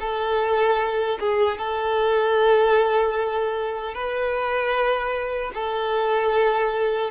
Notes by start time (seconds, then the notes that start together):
0.00 A4
1.20 G#4
1.58 A4
3.94 B4
5.54 A4